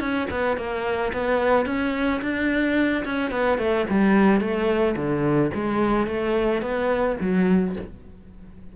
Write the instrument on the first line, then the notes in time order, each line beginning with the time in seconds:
cello
0.00 C#4
0.31 B3
0.57 A#3
1.13 B3
1.66 C#4
2.22 D4
3.05 C#4
3.31 B3
3.58 A3
3.90 G3
4.40 A3
4.96 D3
5.54 G#3
6.07 A3
6.62 B3
7.21 F#3